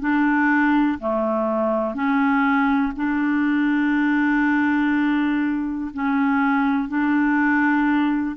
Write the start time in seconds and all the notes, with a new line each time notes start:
0.00 D4
0.99 A3
1.94 C#4
2.96 D4
5.94 C#4
6.89 D4